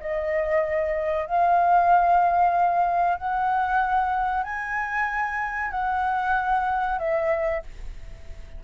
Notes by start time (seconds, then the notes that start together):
0.00 D#5
1.26 F5
3.18 F#5
4.43 G#5
5.71 F#5
6.99 E5